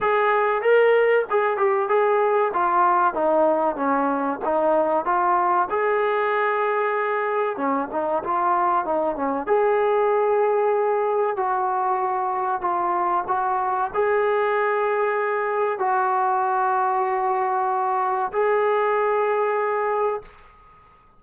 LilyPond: \new Staff \with { instrumentName = "trombone" } { \time 4/4 \tempo 4 = 95 gis'4 ais'4 gis'8 g'8 gis'4 | f'4 dis'4 cis'4 dis'4 | f'4 gis'2. | cis'8 dis'8 f'4 dis'8 cis'8 gis'4~ |
gis'2 fis'2 | f'4 fis'4 gis'2~ | gis'4 fis'2.~ | fis'4 gis'2. | }